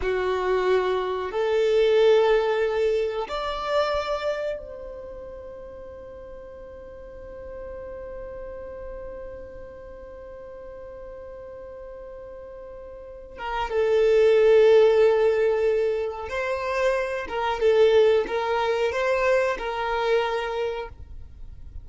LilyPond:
\new Staff \with { instrumentName = "violin" } { \time 4/4 \tempo 4 = 92 fis'2 a'2~ | a'4 d''2 c''4~ | c''1~ | c''1~ |
c''1~ | c''8 ais'8 a'2.~ | a'4 c''4. ais'8 a'4 | ais'4 c''4 ais'2 | }